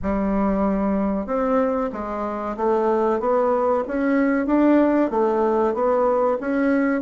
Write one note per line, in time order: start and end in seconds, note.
0.02 1.26 G3
1.26 1.90 C4
1.92 2.56 G#3
2.56 3.19 A3
3.19 3.83 B3
3.87 4.46 C#4
4.46 5.10 D4
5.10 5.73 A3
5.73 6.37 B3
6.40 7.01 C#4